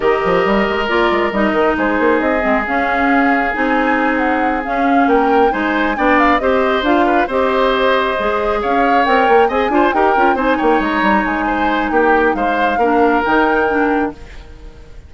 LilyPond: <<
  \new Staff \with { instrumentName = "flute" } { \time 4/4 \tempo 4 = 136 dis''2 d''4 dis''4 | c''4 dis''4 f''2 | gis''4. fis''4 f''4 g''8~ | g''8 gis''4 g''8 f''8 dis''4 f''8~ |
f''8 dis''2. f''8~ | f''8 g''4 gis''4 g''4 gis''8 | g''8 ais''4 gis''4. g''4 | f''2 g''2 | }
  \new Staff \with { instrumentName = "oboe" } { \time 4/4 ais'1 | gis'1~ | gis'2.~ gis'8 ais'8~ | ais'8 c''4 d''4 c''4. |
b'8 c''2. cis''8~ | cis''4. dis''8 c''8 ais'4 c''8 | cis''2 c''4 g'4 | c''4 ais'2. | }
  \new Staff \with { instrumentName = "clarinet" } { \time 4/4 g'2 f'4 dis'4~ | dis'4. c'8 cis'2 | dis'2~ dis'8 cis'4.~ | cis'8 dis'4 d'4 g'4 f'8~ |
f'8 g'2 gis'4.~ | gis'8 ais'4 gis'8 f'8 g'8 f'8 dis'8~ | dis'1~ | dis'4 d'4 dis'4 d'4 | }
  \new Staff \with { instrumentName = "bassoon" } { \time 4/4 dis8 f8 g8 gis8 ais8 gis8 g8 dis8 | gis8 ais8 c'8 gis8 cis'2 | c'2~ c'8 cis'4 ais8~ | ais8 gis4 b4 c'4 d'8~ |
d'8 c'2 gis4 cis'8~ | cis'8 c'8 ais8 c'8 d'8 dis'8 cis'8 c'8 | ais8 gis8 g8 gis4. ais4 | gis4 ais4 dis2 | }
>>